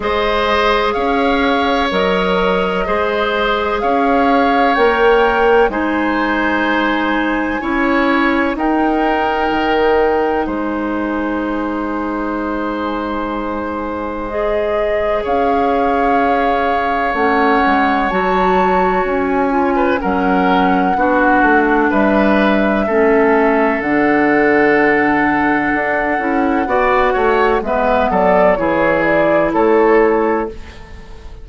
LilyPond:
<<
  \new Staff \with { instrumentName = "flute" } { \time 4/4 \tempo 4 = 63 dis''4 f''4 dis''2 | f''4 g''4 gis''2~ | gis''4 g''2 gis''4~ | gis''2. dis''4 |
f''2 fis''4 a''4 | gis''4 fis''2 e''4~ | e''4 fis''2.~ | fis''4 e''8 d''8 cis''8 d''8 cis''4 | }
  \new Staff \with { instrumentName = "oboe" } { \time 4/4 c''4 cis''2 c''4 | cis''2 c''2 | cis''4 ais'2 c''4~ | c''1 |
cis''1~ | cis''8. b'16 ais'4 fis'4 b'4 | a'1 | d''8 cis''8 b'8 a'8 gis'4 a'4 | }
  \new Staff \with { instrumentName = "clarinet" } { \time 4/4 gis'2 ais'4 gis'4~ | gis'4 ais'4 dis'2 | e'4 dis'2.~ | dis'2. gis'4~ |
gis'2 cis'4 fis'4~ | fis'8 f'8 cis'4 d'2 | cis'4 d'2~ d'8 e'8 | fis'4 b4 e'2 | }
  \new Staff \with { instrumentName = "bassoon" } { \time 4/4 gis4 cis'4 fis4 gis4 | cis'4 ais4 gis2 | cis'4 dis'4 dis4 gis4~ | gis1 |
cis'2 a8 gis8 fis4 | cis'4 fis4 b8 a8 g4 | a4 d2 d'8 cis'8 | b8 a8 gis8 fis8 e4 a4 | }
>>